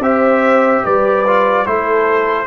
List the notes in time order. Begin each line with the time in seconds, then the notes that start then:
0.00 C4 G4 C5 E5
0.84 G3 B4 D5
1.27 F4
1.67 A3 E4 A4 C5